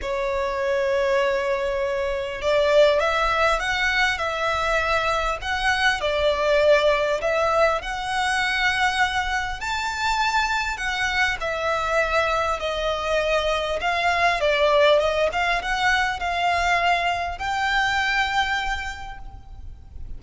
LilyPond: \new Staff \with { instrumentName = "violin" } { \time 4/4 \tempo 4 = 100 cis''1 | d''4 e''4 fis''4 e''4~ | e''4 fis''4 d''2 | e''4 fis''2. |
a''2 fis''4 e''4~ | e''4 dis''2 f''4 | d''4 dis''8 f''8 fis''4 f''4~ | f''4 g''2. | }